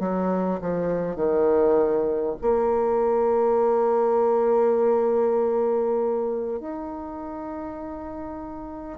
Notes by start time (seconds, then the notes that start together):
0.00 F#3
0.61 F3
1.16 D#3
2.42 A#3
6.60 D#4